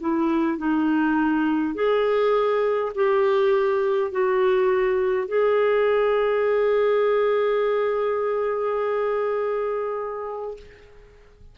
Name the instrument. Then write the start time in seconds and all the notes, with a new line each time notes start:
clarinet
0.00 E4
0.58 D#4
1.74 G#4
2.95 G4
4.11 F#4
5.27 G#4